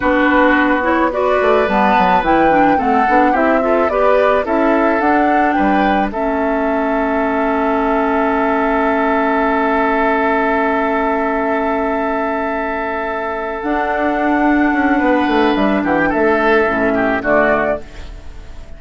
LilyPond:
<<
  \new Staff \with { instrumentName = "flute" } { \time 4/4 \tempo 4 = 108 b'4. cis''8 d''4 a''4 | g''4 fis''4 e''4 d''4 | e''4 fis''4 g''4 e''4~ | e''1~ |
e''1~ | e''1~ | e''8 fis''2.~ fis''8 | e''8 fis''16 g''16 e''2 d''4 | }
  \new Staff \with { instrumentName = "oboe" } { \time 4/4 fis'2 b'2~ | b'4 a'4 g'8 a'8 b'4 | a'2 b'4 a'4~ | a'1~ |
a'1~ | a'1~ | a'2. b'4~ | b'8 g'8 a'4. g'8 fis'4 | }
  \new Staff \with { instrumentName = "clarinet" } { \time 4/4 d'4. e'8 fis'4 b4 | e'8 d'8 c'8 d'8 e'8 f'8 g'4 | e'4 d'2 cis'4~ | cis'1~ |
cis'1~ | cis'1~ | cis'8 d'2.~ d'8~ | d'2 cis'4 a4 | }
  \new Staff \with { instrumentName = "bassoon" } { \time 4/4 b2~ b8 a8 g8 fis8 | e4 a8 b8 c'4 b4 | cis'4 d'4 g4 a4~ | a1~ |
a1~ | a1~ | a8 d'2 cis'8 b8 a8 | g8 e8 a4 a,4 d4 | }
>>